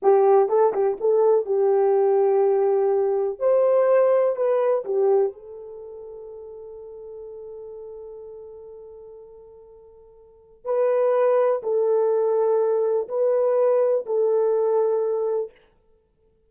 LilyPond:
\new Staff \with { instrumentName = "horn" } { \time 4/4 \tempo 4 = 124 g'4 a'8 g'8 a'4 g'4~ | g'2. c''4~ | c''4 b'4 g'4 a'4~ | a'1~ |
a'1~ | a'2 b'2 | a'2. b'4~ | b'4 a'2. | }